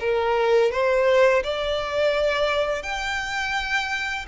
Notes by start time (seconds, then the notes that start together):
0.00 A#4
0.72 C5
1.44 D5
2.83 G5